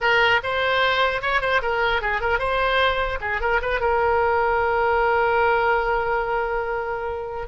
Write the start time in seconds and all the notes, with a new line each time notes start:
0.00 A#4
0.43 C5
1.21 C#5
1.41 C5
1.62 A#4
2.01 G#4
2.20 A#4
2.38 C5
3.21 G#4
3.40 A#4
3.61 B4
3.80 A#4